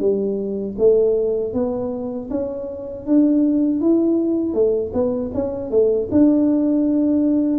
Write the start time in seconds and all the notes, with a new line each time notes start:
0.00 G3
0.79 A3
1.54 B3
2.31 C#4
3.07 D4
3.81 E4
4.54 A3
4.94 B3
5.34 C#4
5.71 A3
6.12 D4